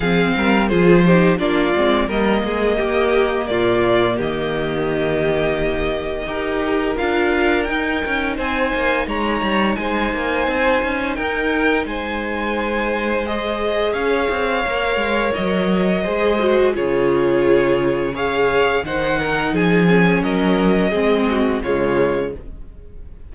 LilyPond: <<
  \new Staff \with { instrumentName = "violin" } { \time 4/4 \tempo 4 = 86 f''4 c''4 d''4 dis''4~ | dis''4 d''4 dis''2~ | dis''2 f''4 g''4 | gis''4 ais''4 gis''2 |
g''4 gis''2 dis''4 | f''2 dis''2 | cis''2 f''4 fis''4 | gis''4 dis''2 cis''4 | }
  \new Staff \with { instrumentName = "violin" } { \time 4/4 gis'8 ais'8 gis'8 g'8 f'4 ais'8 gis'8 | g'4 f'4 g'2~ | g'4 ais'2. | c''4 cis''4 c''2 |
ais'4 c''2. | cis''2. c''4 | gis'2 cis''4 c''8 ais'8 | gis'4 ais'4 gis'8 fis'8 f'4 | }
  \new Staff \with { instrumentName = "viola" } { \time 4/4 c'4 f'8 dis'8 d'8 c'8 ais4~ | ais1~ | ais4 g'4 f'4 dis'4~ | dis'1~ |
dis'2. gis'4~ | gis'4 ais'2 gis'8 fis'8 | f'2 gis'4 dis'4~ | dis'8 cis'4. c'4 gis4 | }
  \new Staff \with { instrumentName = "cello" } { \time 4/4 f8 g8 f4 ais8 gis8 g8 gis8 | ais4 ais,4 dis2~ | dis4 dis'4 d'4 dis'8 cis'8 | c'8 ais8 gis8 g8 gis8 ais8 c'8 cis'8 |
dis'4 gis2. | cis'8 c'8 ais8 gis8 fis4 gis4 | cis2. dis4 | f4 fis4 gis4 cis4 | }
>>